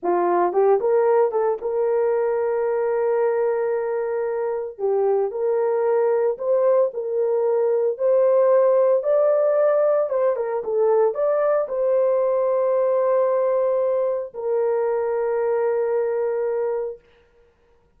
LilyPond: \new Staff \with { instrumentName = "horn" } { \time 4/4 \tempo 4 = 113 f'4 g'8 ais'4 a'8 ais'4~ | ais'1~ | ais'4 g'4 ais'2 | c''4 ais'2 c''4~ |
c''4 d''2 c''8 ais'8 | a'4 d''4 c''2~ | c''2. ais'4~ | ais'1 | }